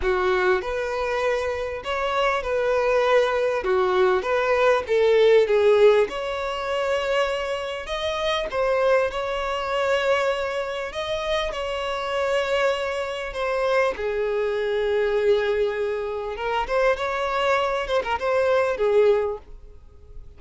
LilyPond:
\new Staff \with { instrumentName = "violin" } { \time 4/4 \tempo 4 = 99 fis'4 b'2 cis''4 | b'2 fis'4 b'4 | a'4 gis'4 cis''2~ | cis''4 dis''4 c''4 cis''4~ |
cis''2 dis''4 cis''4~ | cis''2 c''4 gis'4~ | gis'2. ais'8 c''8 | cis''4. c''16 ais'16 c''4 gis'4 | }